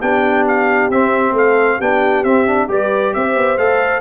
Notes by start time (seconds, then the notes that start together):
0.00 B3 D4 G4 G5
0.47 F5
0.89 C4 E5
1.32 A3 A4 F5
1.77 B3 D4 G4 G5
2.23 C4 E5
2.46 D4
2.68 G3 G4 B4 D5
3.14 C4 C5 E5
3.36 B3
3.57 A3 A4 F5